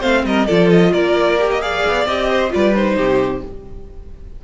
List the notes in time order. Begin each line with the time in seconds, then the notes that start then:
0.00 A3 C4 C5 F5
0.25 G3 A#4 D#5
0.47 F3 F4 A4 D5
0.71 D#5
0.93 A#3 A#4 D5
1.39 G4
1.51 D#5
1.61 G#4 D5 F5
1.88 B3
2.06 C4 G4 D#5
2.30 C5
2.50 G3 F4 B4 D5
2.76 D#4 C5
2.96 C3 G4